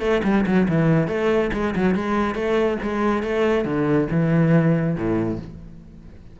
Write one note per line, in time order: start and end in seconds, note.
0.00 0.21 A3
0.23 0.45 G3
0.46 0.68 F#3
0.68 1.07 E3
1.07 1.50 A3
1.53 1.75 G#3
1.75 1.95 F#3
1.95 2.35 G#3
2.35 2.77 A3
2.82 3.23 G#3
3.23 3.65 A3
3.65 4.08 D3
4.11 4.96 E3
4.96 5.39 A2